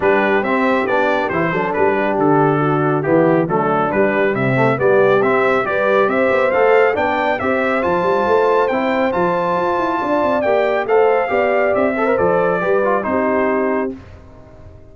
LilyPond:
<<
  \new Staff \with { instrumentName = "trumpet" } { \time 4/4 \tempo 4 = 138 b'4 e''4 d''4 c''4 | b'4 a'2 g'4 | a'4 b'4 e''4 d''4 | e''4 d''4 e''4 f''4 |
g''4 e''4 a''2 | g''4 a''2. | g''4 f''2 e''4 | d''2 c''2 | }
  \new Staff \with { instrumentName = "horn" } { \time 4/4 g'2.~ g'8 a'8~ | a'8 g'4. fis'4 e'4 | d'2 c'4 g'4~ | g'4 b'4 c''2 |
d''4 c''2.~ | c''2. d''4~ | d''4 c''4 d''4. c''8~ | c''4 b'4 g'2 | }
  \new Staff \with { instrumentName = "trombone" } { \time 4/4 d'4 c'4 d'4 e'8 d'8~ | d'2. b4 | a4 g4. a8 b4 | c'4 g'2 a'4 |
d'4 g'4 f'2 | e'4 f'2. | g'4 a'4 g'4. a'16 ais'16 | a'4 g'8 f'8 dis'2 | }
  \new Staff \with { instrumentName = "tuba" } { \time 4/4 g4 c'4 b4 e8 fis8 | g4 d2 e4 | fis4 g4 c4 g4 | c'4 g4 c'8 b8 a4 |
b4 c'4 f8 g8 a4 | c'4 f4 f'8 e'8 d'8 c'8 | ais4 a4 b4 c'4 | f4 g4 c'2 | }
>>